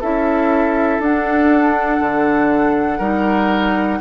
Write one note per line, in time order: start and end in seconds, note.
0.00 0.99 C#4
0.00 1.02 E4
0.00 2.98 A4
0.00 1.01 E5
0.99 1.99 D4
0.99 3.00 D4
0.99 4.00 F#5
2.00 2.99 D3
2.98 3.99 G3
2.98 4.00 D#4
2.98 3.98 A#4